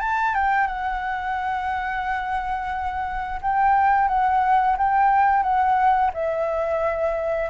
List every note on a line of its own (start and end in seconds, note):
0.00 0.34 A5
0.34 0.67 G5
0.67 3.40 F#5
3.42 4.08 G5
4.08 4.76 F#5
4.78 5.43 G5
5.43 6.11 F#5
6.14 7.50 E5